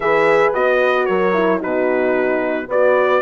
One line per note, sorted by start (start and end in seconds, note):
0.00 0.49 E3
0.00 0.53 G#4
0.00 1.07 B4
0.00 0.53 E5
0.53 1.07 B3
0.53 1.33 F#4
0.53 1.05 D#5
1.05 1.62 F#3
1.05 1.59 A#4
1.05 1.59 C#5
1.33 1.58 E4
1.58 2.68 B2
1.58 2.65 D#4
1.58 2.66 F#4
1.58 2.69 B4
2.68 3.21 B3
2.68 3.22 F#4
2.68 3.22 B4
2.68 3.22 D5